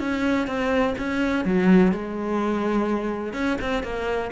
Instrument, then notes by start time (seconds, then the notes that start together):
cello
0.00 C#4
0.48 C4
0.98 C#4
1.45 F#3
1.92 G#3
3.34 C#4
3.62 C4
3.83 A#3